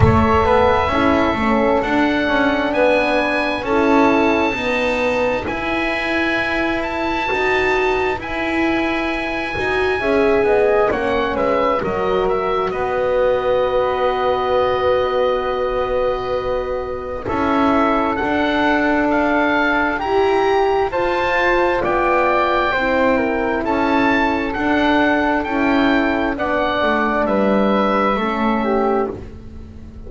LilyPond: <<
  \new Staff \with { instrumentName = "oboe" } { \time 4/4 \tempo 4 = 66 e''2 fis''4 gis''4 | a''2 gis''4. a''8~ | a''4 gis''2. | fis''8 e''8 dis''8 e''8 dis''2~ |
dis''2. e''4 | fis''4 f''4 ais''4 a''4 | g''2 a''4 fis''4 | g''4 fis''4 e''2 | }
  \new Staff \with { instrumentName = "flute" } { \time 4/4 cis''8 b'8 a'2 b'4 | a'4 b'2.~ | b'2. e''8 dis''8 | cis''8 b'8 ais'4 b'2~ |
b'2. a'4~ | a'2 g'4 c''4 | d''4 c''8 ais'8 a'2~ | a'4 d''4 b'4 a'8 g'8 | }
  \new Staff \with { instrumentName = "horn" } { \time 4/4 a'4 e'8 cis'8 d'2 | e'4 b4 e'2 | fis'4 e'4. fis'8 gis'4 | cis'4 fis'2.~ |
fis'2. e'4 | d'2 g'4 f'4~ | f'4 e'2 d'4 | e'4 d'2 cis'4 | }
  \new Staff \with { instrumentName = "double bass" } { \time 4/4 a8 b8 cis'8 a8 d'8 cis'8 b4 | cis'4 dis'4 e'2 | dis'4 e'4. dis'8 cis'8 b8 | ais8 gis8 fis4 b2~ |
b2. cis'4 | d'2 e'4 f'4 | b4 c'4 cis'4 d'4 | cis'4 b8 a8 g4 a4 | }
>>